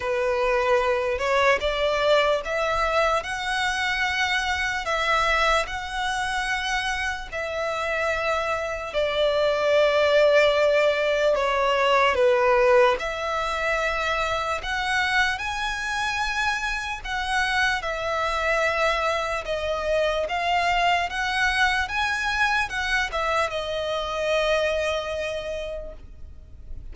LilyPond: \new Staff \with { instrumentName = "violin" } { \time 4/4 \tempo 4 = 74 b'4. cis''8 d''4 e''4 | fis''2 e''4 fis''4~ | fis''4 e''2 d''4~ | d''2 cis''4 b'4 |
e''2 fis''4 gis''4~ | gis''4 fis''4 e''2 | dis''4 f''4 fis''4 gis''4 | fis''8 e''8 dis''2. | }